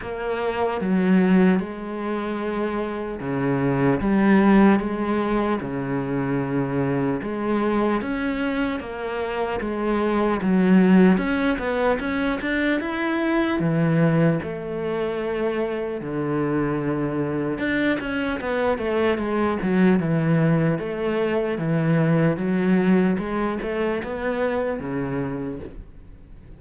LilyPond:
\new Staff \with { instrumentName = "cello" } { \time 4/4 \tempo 4 = 75 ais4 fis4 gis2 | cis4 g4 gis4 cis4~ | cis4 gis4 cis'4 ais4 | gis4 fis4 cis'8 b8 cis'8 d'8 |
e'4 e4 a2 | d2 d'8 cis'8 b8 a8 | gis8 fis8 e4 a4 e4 | fis4 gis8 a8 b4 cis4 | }